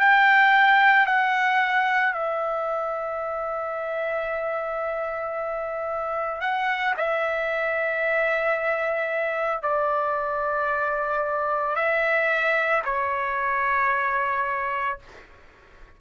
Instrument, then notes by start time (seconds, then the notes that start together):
trumpet
0.00 G5
1.07 F#5
2.14 E5
6.41 F#5
6.98 E5
9.63 D5
11.76 E5
12.85 C#5